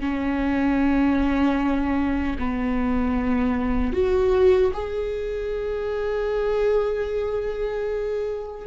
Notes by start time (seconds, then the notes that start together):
0.00 C#4
2.38 B3
3.93 F#4
4.73 G#4